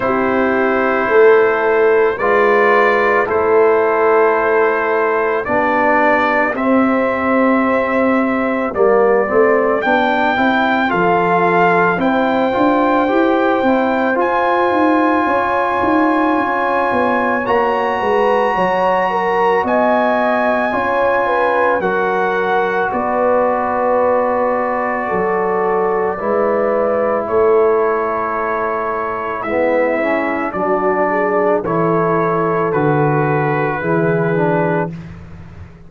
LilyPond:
<<
  \new Staff \with { instrumentName = "trumpet" } { \time 4/4 \tempo 4 = 55 c''2 d''4 c''4~ | c''4 d''4 e''2 | d''4 g''4 f''4 g''4~ | g''4 gis''2. |
ais''2 gis''2 | fis''4 d''2.~ | d''4 cis''2 e''4 | d''4 cis''4 b'2 | }
  \new Staff \with { instrumentName = "horn" } { \time 4/4 g'4 a'4 b'4 a'4~ | a'4 g'2.~ | g'2 a'4 c''4~ | c''2 cis''2~ |
cis''8 b'8 cis''8 ais'8 dis''4 cis''8 b'8 | ais'4 b'2 a'4 | b'4 a'2 e'4 | fis'8 gis'8 a'2 gis'4 | }
  \new Staff \with { instrumentName = "trombone" } { \time 4/4 e'2 f'4 e'4~ | e'4 d'4 c'2 | ais8 c'8 d'8 e'8 f'4 e'8 f'8 | g'8 e'8 f'2. |
fis'2. f'4 | fis'1 | e'2. b8 cis'8 | d'4 e'4 fis'4 e'8 d'8 | }
  \new Staff \with { instrumentName = "tuba" } { \time 4/4 c'4 a4 gis4 a4~ | a4 b4 c'2 | g8 a8 b8 c'8 f4 c'8 d'8 | e'8 c'8 f'8 dis'8 cis'8 dis'8 cis'8 b8 |
ais8 gis8 fis4 b4 cis'4 | fis4 b2 fis4 | gis4 a2 gis4 | fis4 e4 d4 e4 | }
>>